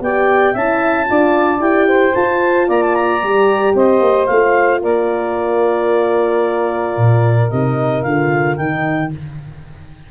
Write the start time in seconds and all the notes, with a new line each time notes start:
0.00 B3 G4 D5 G5
0.52 C#4 E4 E5 A5
1.05 D4 F4 D5
1.60 E4 G4 G5
1.87 C5
2.14 F4 A5
2.67 A#3 D5 A#5
2.82 A5
2.94 A#5
3.22 G3 G4
3.74 C4 C5 D#5
4.00 A#3
4.26 A3 F4 F5
4.81 A#3 A#4 D5
6.97 A#2
7.50 C3 D#4 D#5
8.02 D3 F4 F5
8.56 D#3 D#4 G5